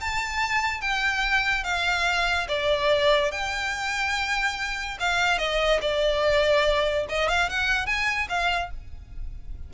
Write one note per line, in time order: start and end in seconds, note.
0.00 0.80 A5
0.80 1.63 G5
1.63 2.47 F5
2.48 3.31 D5
3.31 4.98 G5
5.00 5.38 F5
5.38 5.80 D#5
5.81 7.06 D5
7.09 7.28 D#5
7.28 7.49 F5
7.49 7.86 F#5
7.86 8.27 G#5
8.29 8.70 F5